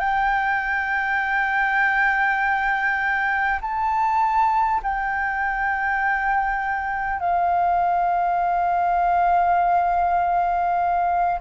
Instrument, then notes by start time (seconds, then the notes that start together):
flute
0.00 G5
3.61 A5
4.83 G5
7.20 F5